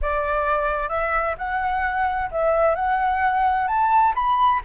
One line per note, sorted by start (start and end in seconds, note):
0.01 0.89 D5
0.89 1.35 E5
1.38 2.30 F#5
2.31 2.75 E5
2.75 3.67 F#5
3.67 4.13 A5
4.14 4.60 B5